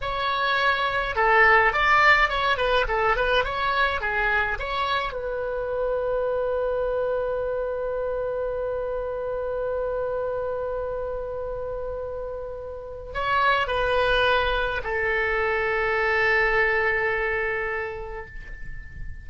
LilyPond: \new Staff \with { instrumentName = "oboe" } { \time 4/4 \tempo 4 = 105 cis''2 a'4 d''4 | cis''8 b'8 a'8 b'8 cis''4 gis'4 | cis''4 b'2.~ | b'1~ |
b'1~ | b'2. cis''4 | b'2 a'2~ | a'1 | }